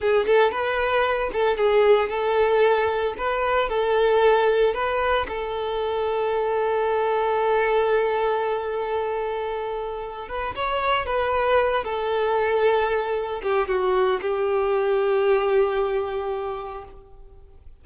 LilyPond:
\new Staff \with { instrumentName = "violin" } { \time 4/4 \tempo 4 = 114 gis'8 a'8 b'4. a'8 gis'4 | a'2 b'4 a'4~ | a'4 b'4 a'2~ | a'1~ |
a'2.~ a'8 b'8 | cis''4 b'4. a'4.~ | a'4. g'8 fis'4 g'4~ | g'1 | }